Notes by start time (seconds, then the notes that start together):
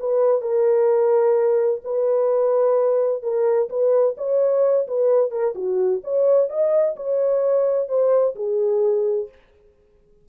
0.00 B4
0.42 A#4
1.84 B4
3.23 A#4
3.70 B4
4.17 C#5
4.88 B4
5.31 A#4
5.55 F#4
6.04 C#5
6.50 D#5
6.96 C#5
7.89 C5
8.36 G#4